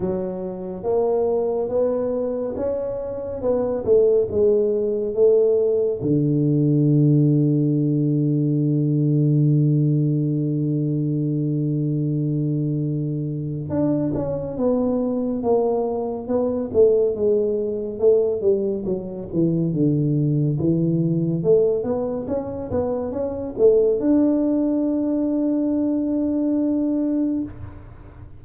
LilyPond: \new Staff \with { instrumentName = "tuba" } { \time 4/4 \tempo 4 = 70 fis4 ais4 b4 cis'4 | b8 a8 gis4 a4 d4~ | d1~ | d1 |
d'8 cis'8 b4 ais4 b8 a8 | gis4 a8 g8 fis8 e8 d4 | e4 a8 b8 cis'8 b8 cis'8 a8 | d'1 | }